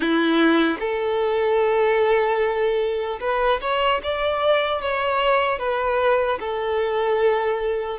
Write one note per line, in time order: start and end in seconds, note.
0.00 0.77 E4
0.79 3.19 A4
3.20 3.60 B4
3.61 4.01 C#5
4.03 4.81 D5
4.81 5.58 C#5
5.58 6.38 B4
6.39 7.99 A4